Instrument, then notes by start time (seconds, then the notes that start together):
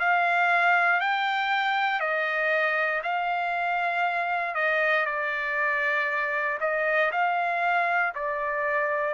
trumpet
0.00 F5
1.01 G5
2.01 D#5
3.04 F5
4.55 D#5
5.06 D5
6.61 D#5
7.12 F5
8.15 D5